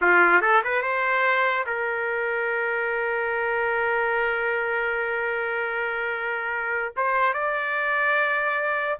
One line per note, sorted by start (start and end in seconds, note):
0.01 0.41 F4
0.41 0.62 A4
0.64 0.82 B4
0.82 1.65 C5
1.66 6.94 A#4
6.96 7.33 C5
7.33 8.99 D5